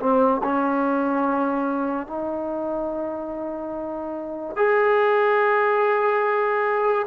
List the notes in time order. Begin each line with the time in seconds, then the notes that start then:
0.00 C4
0.44 C#4
2.07 D#4
4.56 G#4